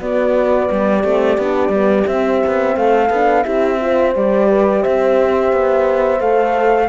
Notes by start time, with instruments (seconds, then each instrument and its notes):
0.00 cello B3, horn B3 F#4, flute D5
0.71 cello G3, horn G4
1.03 cello A3, horn C4
1.37 cello B3, horn D4
1.69 cello G3, horn B3
2.05 horn C4, cello C4, flute E5
2.46 cello B3
2.76 cello A3, horn A4, flute F5
3.09 cello B3, horn D4
3.43 cello C4, horn E4 G4, flute E5
3.80 horn F4 C5
4.14 cello G3, horn G4, flute D5
4.50 horn B4
4.81 cello C4, horn C5, flute E5
5.52 cello B3
6.20 cello A3, horn A4, flute F5